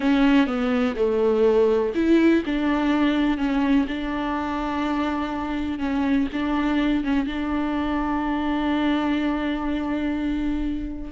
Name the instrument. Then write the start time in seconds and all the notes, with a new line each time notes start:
viola
0.00 C#4
0.46 B3
0.95 A3
1.94 E4
2.45 D4
3.37 C#4
3.87 D4
5.78 C#4
6.32 D4
7.04 C#4
7.26 D4